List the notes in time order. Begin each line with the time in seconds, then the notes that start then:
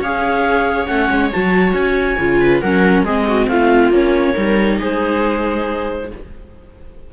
0.00 C#4 G#4 C#5 F5
0.86 A3 C#4 F#5
1.10 G#3
1.32 F#3 F#4 A5
1.73 C#4 G#5
2.19 C#3 F4
2.41 B4
2.61 F#3 C#4 A#4 F#5
3.03 G#3 C4 G#4 D#5
3.27 F#4
3.47 A3 F4 F5
3.90 A#3 C#4 C#5
4.34 G3 D#4 A#4
4.79 G#3 G#4 C5